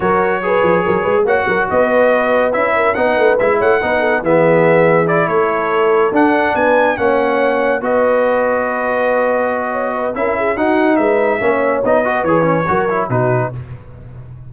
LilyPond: <<
  \new Staff \with { instrumentName = "trumpet" } { \time 4/4 \tempo 4 = 142 cis''2. fis''4 | dis''2 e''4 fis''4 | e''8 fis''4. e''2 | d''8 cis''2 fis''4 gis''8~ |
gis''8 fis''2 dis''4.~ | dis''1 | e''4 fis''4 e''2 | dis''4 cis''2 b'4 | }
  \new Staff \with { instrumentName = "horn" } { \time 4/4 ais'4 b'4 ais'8 b'8 cis''8 ais'8 | b'2~ b'8 ais'8 b'4~ | b'8 cis''8 b'8 a'8 gis'2~ | gis'8 a'2. b'8~ |
b'8 cis''2 b'4.~ | b'2. cis''8 b'8 | ais'8 gis'8 fis'4 b'4 cis''4~ | cis''8 b'4. ais'4 fis'4 | }
  \new Staff \with { instrumentName = "trombone" } { \time 4/4 fis'4 gis'2 fis'4~ | fis'2 e'4 dis'4 | e'4 dis'4 b2 | e'2~ e'8 d'4.~ |
d'8 cis'2 fis'4.~ | fis'1 | e'4 dis'2 cis'4 | dis'8 fis'8 gis'8 cis'8 fis'8 e'8 dis'4 | }
  \new Staff \with { instrumentName = "tuba" } { \time 4/4 fis4. f8 fis8 gis8 ais8 fis8 | b2 cis'4 b8 a8 | gis8 a8 b4 e2~ | e8 a2 d'4 b8~ |
b8 ais2 b4.~ | b1 | cis'4 dis'4 gis4 ais4 | b4 e4 fis4 b,4 | }
>>